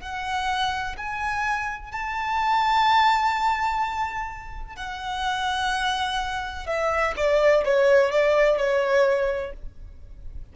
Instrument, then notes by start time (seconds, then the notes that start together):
violin
0.00 F#5
0.97 G#5
1.91 A5
4.75 F#5
6.66 E5
7.16 D5
7.65 C#5
8.11 D5
8.57 C#5